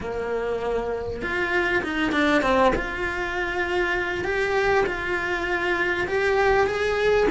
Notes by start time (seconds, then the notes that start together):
0.01 A#3
1.22 F4
1.83 D#4
2.12 D4
2.42 C4
2.75 F4
4.24 G4
4.86 F4
6.07 G4
6.66 G#4